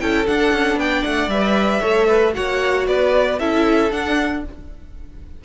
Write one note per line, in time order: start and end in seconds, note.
0.00 0.28 C#4
0.00 0.26 E4
0.00 0.80 A4
0.00 0.26 G5
0.26 1.30 D4
0.26 0.52 D4
0.26 0.79 F#5
0.52 0.76 C#4
0.76 1.02 B3
0.76 1.81 D5
0.76 1.03 G5
1.03 1.28 A3
1.03 1.29 F#5
1.28 1.80 G3
1.28 1.82 B4
1.28 2.34 E5
1.81 2.36 A3
1.81 2.33 A4
1.81 2.07 C#5
2.07 2.33 B4
2.33 2.87 A#3
2.33 3.38 F#4
2.33 2.88 C#5
2.33 2.86 F#5
2.87 3.39 B3
2.87 3.39 B4
2.87 3.39 D5
3.39 3.92 C#4
3.39 3.90 E4
3.39 4.44 A4
3.39 3.92 E5
3.90 4.42 D4
3.90 4.44 D4
3.90 4.44 F#5